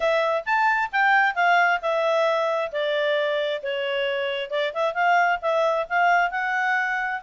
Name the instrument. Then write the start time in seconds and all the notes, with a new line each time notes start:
clarinet
0.00 E5
0.45 A5
0.92 G5
1.35 F5
1.81 E5
2.71 D5
3.62 C#5
4.50 D5
4.73 E5
4.94 F5
5.41 E5
5.89 F5
6.31 F#5